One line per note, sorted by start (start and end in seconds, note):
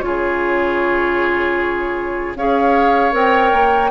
0.00 2.35 C#3
0.00 2.35 F4
0.00 2.34 C#5
0.06 2.37 G#4
2.35 3.13 C#4
2.35 3.12 G#4
2.35 3.91 C#5
2.35 3.14 F5
3.12 3.52 C4
3.12 3.89 A#4
3.12 3.91 G5
3.52 3.91 A#3